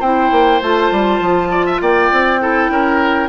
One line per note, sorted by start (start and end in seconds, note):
0.00 0.31 C4
0.00 0.62 E4
0.00 1.49 C5
0.00 0.61 G5
0.32 0.61 A#3
0.62 0.91 A3
0.62 2.40 F4
0.62 1.81 A5
0.91 1.20 G3
1.20 1.80 F3
1.51 1.66 D5
1.66 1.81 E5
1.81 2.11 A#3
1.81 2.41 D5
1.81 3.29 G5
2.12 2.70 C4
2.40 3.29 E4
2.40 2.71 A4
2.70 3.29 C#4
2.70 3.29 A#4